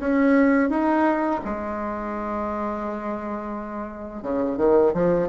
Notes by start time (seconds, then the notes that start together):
0.00 C#4
0.70 D#4
1.45 G#3
4.23 C#3
4.58 D#3
4.94 F3